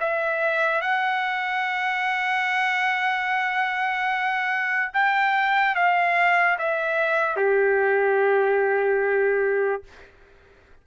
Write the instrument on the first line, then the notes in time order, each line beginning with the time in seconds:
trumpet
0.00 E5
0.81 F#5
4.94 G5
5.75 F5
6.58 E5
7.36 G4